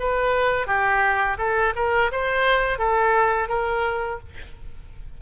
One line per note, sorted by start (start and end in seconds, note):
0.00 0.67 B4
0.67 1.38 G4
1.39 1.74 A4
1.76 2.11 A#4
2.12 2.79 C5
2.79 3.49 A4
3.49 4.20 A#4